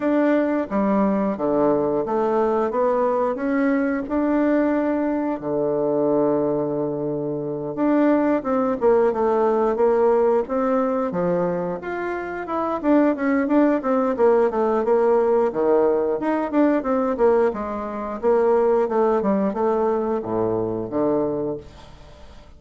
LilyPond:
\new Staff \with { instrumentName = "bassoon" } { \time 4/4 \tempo 4 = 89 d'4 g4 d4 a4 | b4 cis'4 d'2 | d2.~ d8 d'8~ | d'8 c'8 ais8 a4 ais4 c'8~ |
c'8 f4 f'4 e'8 d'8 cis'8 | d'8 c'8 ais8 a8 ais4 dis4 | dis'8 d'8 c'8 ais8 gis4 ais4 | a8 g8 a4 a,4 d4 | }